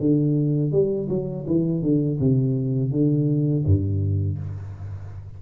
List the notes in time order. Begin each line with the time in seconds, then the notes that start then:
0.00 D3
0.72 G3
1.09 F#3
1.47 E3
1.82 D3
2.20 C3
2.91 D3
3.66 G2